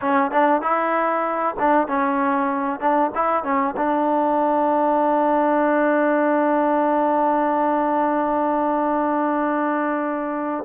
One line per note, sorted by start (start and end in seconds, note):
0.01 0.31 C#4
0.31 0.61 D4
0.61 1.55 E4
1.59 1.87 D4
1.87 2.80 C#4
2.80 3.11 D4
3.14 3.43 E4
3.43 3.74 C#4
3.76 10.64 D4